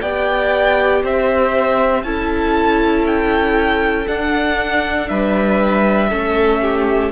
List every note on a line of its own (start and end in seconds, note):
0.00 1.03 B3
0.00 2.04 G4
0.00 1.02 D5
0.00 1.03 G5
1.03 2.03 C4
1.03 2.05 C5
1.03 2.03 E5
2.03 4.06 C#4
2.03 4.07 E4
2.03 5.10 A4
2.03 3.05 A5
3.06 4.07 G5
4.07 6.10 D4
4.07 5.10 D4
4.07 5.08 F#5
5.08 6.11 G3
5.08 6.09 B4
5.08 7.11 E5
6.09 7.12 A3
6.09 7.12 C#4
6.09 6.60 A4
6.61 7.12 G4